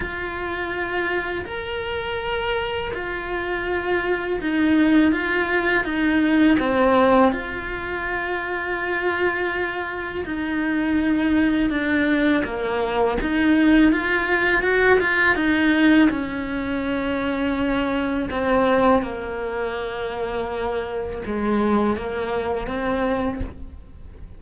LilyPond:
\new Staff \with { instrumentName = "cello" } { \time 4/4 \tempo 4 = 82 f'2 ais'2 | f'2 dis'4 f'4 | dis'4 c'4 f'2~ | f'2 dis'2 |
d'4 ais4 dis'4 f'4 | fis'8 f'8 dis'4 cis'2~ | cis'4 c'4 ais2~ | ais4 gis4 ais4 c'4 | }